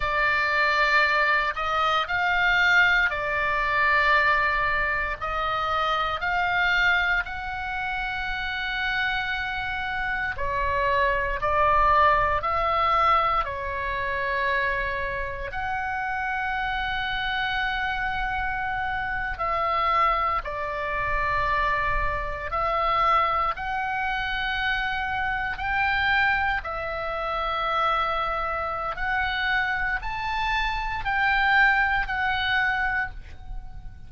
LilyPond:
\new Staff \with { instrumentName = "oboe" } { \time 4/4 \tempo 4 = 58 d''4. dis''8 f''4 d''4~ | d''4 dis''4 f''4 fis''4~ | fis''2 cis''4 d''4 | e''4 cis''2 fis''4~ |
fis''2~ fis''8. e''4 d''16~ | d''4.~ d''16 e''4 fis''4~ fis''16~ | fis''8. g''4 e''2~ e''16 | fis''4 a''4 g''4 fis''4 | }